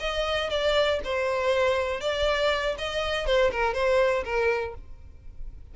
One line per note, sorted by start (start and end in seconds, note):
0.00 0.50 D#5
0.50 1.00 D5
1.05 2.01 C5
2.01 2.76 D5
2.78 3.26 D#5
3.26 3.51 C5
3.52 3.74 A#4
3.74 4.24 C5
4.25 4.75 A#4